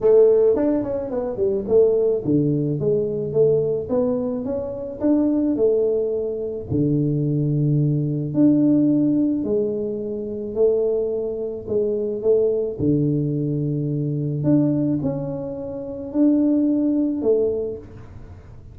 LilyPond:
\new Staff \with { instrumentName = "tuba" } { \time 4/4 \tempo 4 = 108 a4 d'8 cis'8 b8 g8 a4 | d4 gis4 a4 b4 | cis'4 d'4 a2 | d2. d'4~ |
d'4 gis2 a4~ | a4 gis4 a4 d4~ | d2 d'4 cis'4~ | cis'4 d'2 a4 | }